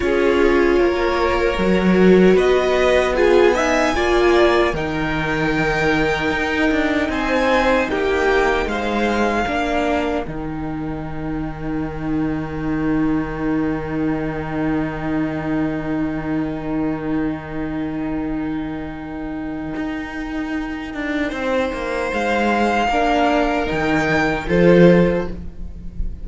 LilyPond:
<<
  \new Staff \with { instrumentName = "violin" } { \time 4/4 \tempo 4 = 76 cis''2. dis''4 | gis''2 g''2~ | g''4 gis''4 g''4 f''4~ | f''4 g''2.~ |
g''1~ | g''1~ | g''1 | f''2 g''4 c''4 | }
  \new Staff \with { instrumentName = "violin" } { \time 4/4 gis'4 ais'2 b'4 | gis'8 e''8 d''4 ais'2~ | ais'4 c''4 g'4 c''4 | ais'1~ |
ais'1~ | ais'1~ | ais'2. c''4~ | c''4 ais'2 a'4 | }
  \new Staff \with { instrumentName = "viola" } { \time 4/4 f'2 fis'2 | f'8 dis'8 f'4 dis'2~ | dis'1 | d'4 dis'2.~ |
dis'1~ | dis'1~ | dis'1~ | dis'4 d'4 dis'4 f'4 | }
  \new Staff \with { instrumentName = "cello" } { \time 4/4 cis'4 ais4 fis4 b4~ | b4 ais4 dis2 | dis'8 d'8 c'4 ais4 gis4 | ais4 dis2.~ |
dis1~ | dis1~ | dis4 dis'4. d'8 c'8 ais8 | gis4 ais4 dis4 f4 | }
>>